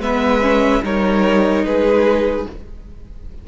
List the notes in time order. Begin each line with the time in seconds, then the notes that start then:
0.00 G#3 B3 B4 E5
0.42 C#4
0.83 G3 D#4 A#4 C#5
1.64 G#3 G#4 B4